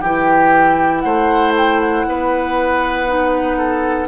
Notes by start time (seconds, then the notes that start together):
0.00 E3 E4 G4 G5
1.00 A3 C5 F#5
1.57 G5
1.79 F#5
2.07 B3 B4
3.07 D#4
3.57 A4